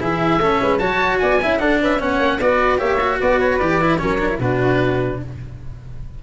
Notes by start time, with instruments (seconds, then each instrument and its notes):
0.00 tuba E3, cello E4, flute G#4, oboe E5
0.38 tuba A3, cello C#4, flute A4
0.61 tuba G#3, flute B4
0.78 tuba F#3, cello F#4, flute C#5, oboe A5
1.19 tuba B3, flute D5, oboe G#5
1.42 tuba C#4, cello E4, flute E5
1.58 cello D4, tuba D4, flute A4, oboe F#5
1.81 tuba C#4, flute B4, oboe E5
1.99 tuba B3, cello C#4, flute C#5, oboe F#5
2.19 tuba A#3
2.40 tuba B3, cello F#4, flute B4, oboe D5
2.78 tuba A#3, cello G4, flute C#5, oboe E5
3.00 cello F#4
3.20 tuba B3, flute B4, oboe D5
3.40 oboe C#5
3.58 tuba E3, cello G4, oboe D5
3.81 cello E4
3.97 tuba F#3, cello C#4, flute A#4, oboe C#5
4.19 cello D4
4.29 cello E4
4.39 tuba B2, cello D4, flute F#4, oboe B4